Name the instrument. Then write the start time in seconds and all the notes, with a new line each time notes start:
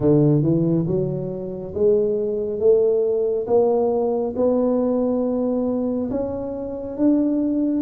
tuba
0.00 D3
0.42 E3
0.87 F#3
1.74 G#3
2.59 A3
3.47 A#3
4.36 B3
6.10 C#4
6.97 D4